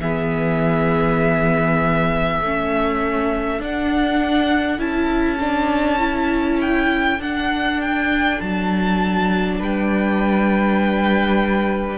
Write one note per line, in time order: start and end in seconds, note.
0.00 2.40 E3
0.00 2.43 B3
0.00 2.41 G#4
0.00 3.61 E5
2.41 3.60 A3
2.41 3.59 C#4
2.41 9.60 A4
3.59 4.79 D4
3.59 4.80 F#5
4.79 7.19 C#4
4.79 5.39 E4
4.79 6.61 A5
5.40 5.99 D4
5.99 7.19 E4
6.62 7.21 G5
7.19 8.39 D4
7.19 11.98 D4
7.19 7.82 F#5
7.82 8.41 G5
8.41 9.61 F#3
8.41 9.61 A5
9.60 11.98 G3
9.60 11.98 B4
9.60 11.98 G5